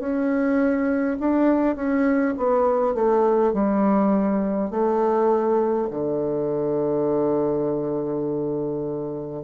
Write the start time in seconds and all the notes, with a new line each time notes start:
0.00 C#4
1.20 D4
1.76 C#4
2.37 B3
2.95 A3
3.54 G3
4.71 A3
5.91 D3